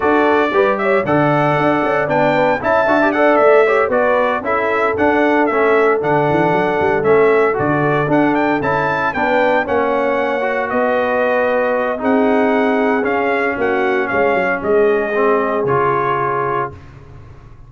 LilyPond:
<<
  \new Staff \with { instrumentName = "trumpet" } { \time 4/4 \tempo 4 = 115 d''4. e''8 fis''2 | g''4 a''4 fis''8 e''4 d''8~ | d''8 e''4 fis''4 e''4 fis''8~ | fis''4. e''4 d''4 fis''8 |
g''8 a''4 g''4 fis''4.~ | fis''8 dis''2~ dis''8 fis''4~ | fis''4 f''4 fis''4 f''4 | dis''2 cis''2 | }
  \new Staff \with { instrumentName = "horn" } { \time 4/4 a'4 b'8 cis''8 d''2~ | d''8 b'8 e''4 d''4 cis''8 b'8~ | b'8 a'2.~ a'8~ | a'1~ |
a'4. b'4 cis''4.~ | cis''8 b'2~ b'8 gis'4~ | gis'2 fis'4 cis''4 | gis'1 | }
  \new Staff \with { instrumentName = "trombone" } { \time 4/4 fis'4 g'4 a'2 | d'4 e'8 fis'16 g'16 a'4 g'8 fis'8~ | fis'8 e'4 d'4 cis'4 d'8~ | d'4. cis'4 fis'4 d'8~ |
d'8 e'4 d'4 cis'4. | fis'2. dis'4~ | dis'4 cis'2.~ | cis'4 c'4 f'2 | }
  \new Staff \with { instrumentName = "tuba" } { \time 4/4 d'4 g4 d4 d'8 cis'8 | b4 cis'8 d'4 a4 b8~ | b8 cis'4 d'4 a4 d8 | e8 fis8 g8 a4 d4 d'8~ |
d'8 cis'4 b4 ais4.~ | ais8 b2~ b8 c'4~ | c'4 cis'4 ais4 gis8 fis8 | gis2 cis2 | }
>>